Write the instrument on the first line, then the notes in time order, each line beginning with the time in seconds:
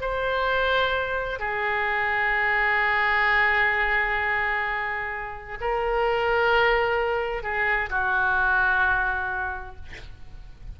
oboe
0.00 C5
1.39 G#4
5.60 A#4
7.43 G#4
7.89 F#4